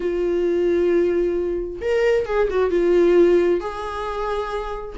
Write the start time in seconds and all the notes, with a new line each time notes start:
0.00 F4
1.81 A#4
2.25 G#4
2.50 F#4
2.70 F4
3.60 G#4